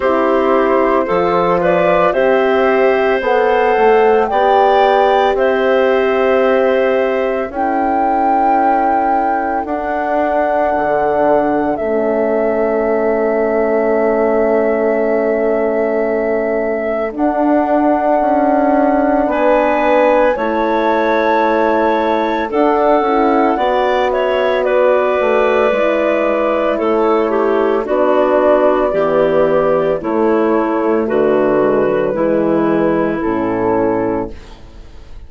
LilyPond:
<<
  \new Staff \with { instrumentName = "flute" } { \time 4/4 \tempo 4 = 56 c''4. d''8 e''4 fis''4 | g''4 e''2 g''4~ | g''4 fis''2 e''4~ | e''1 |
fis''2 gis''4 a''4~ | a''4 fis''4. e''8 d''4~ | d''4 cis''4 d''2 | cis''4 b'2 a'4 | }
  \new Staff \with { instrumentName = "clarinet" } { \time 4/4 g'4 a'8 b'8 c''2 | d''4 c''2 a'4~ | a'1~ | a'1~ |
a'2 b'4 cis''4~ | cis''4 a'4 d''8 cis''8 b'4~ | b'4 a'8 g'8 fis'4 g'4 | e'4 fis'4 e'2 | }
  \new Staff \with { instrumentName = "horn" } { \time 4/4 e'4 f'4 g'4 a'4 | g'2. e'4~ | e'4 d'2 cis'4~ | cis'1 |
d'2. e'4~ | e'4 d'8 e'8 fis'2 | e'2 d'4 b4 | a4. gis16 fis16 gis4 cis'4 | }
  \new Staff \with { instrumentName = "bassoon" } { \time 4/4 c'4 f4 c'4 b8 a8 | b4 c'2 cis'4~ | cis'4 d'4 d4 a4~ | a1 |
d'4 cis'4 b4 a4~ | a4 d'8 cis'8 b4. a8 | gis4 a4 b4 e4 | a4 d4 e4 a,4 | }
>>